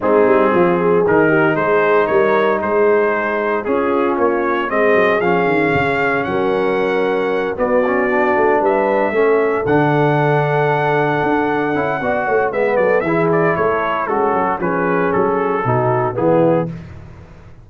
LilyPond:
<<
  \new Staff \with { instrumentName = "trumpet" } { \time 4/4 \tempo 4 = 115 gis'2 ais'4 c''4 | cis''4 c''2 gis'4 | cis''4 dis''4 f''2 | fis''2~ fis''8 d''4.~ |
d''8 e''2 fis''4.~ | fis''1 | e''8 d''8 e''8 d''8 cis''4 a'4 | b'4 a'2 gis'4 | }
  \new Staff \with { instrumentName = "horn" } { \time 4/4 dis'4 f'8 gis'4 g'8 gis'4 | ais'4 gis'2 f'4~ | f'4 gis'2. | ais'2~ ais'8 fis'4.~ |
fis'8 b'4 a'2~ a'8~ | a'2. d''8 cis''8 | b'8 a'8 gis'4 a'4 cis'4 | gis'2 fis'4 e'4 | }
  \new Staff \with { instrumentName = "trombone" } { \time 4/4 c'2 dis'2~ | dis'2. cis'4~ | cis'4 c'4 cis'2~ | cis'2~ cis'8 b8 cis'8 d'8~ |
d'4. cis'4 d'4.~ | d'2~ d'8 e'8 fis'4 | b4 e'2 fis'4 | cis'2 dis'4 b4 | }
  \new Staff \with { instrumentName = "tuba" } { \time 4/4 gis8 g8 f4 dis4 gis4 | g4 gis2 cis'4 | ais4 gis8 fis8 f8 dis8 cis4 | fis2~ fis8 b4. |
a8 g4 a4 d4.~ | d4. d'4 cis'8 b8 a8 | gis8 fis8 e4 a4 gis8 fis8 | f4 fis4 b,4 e4 | }
>>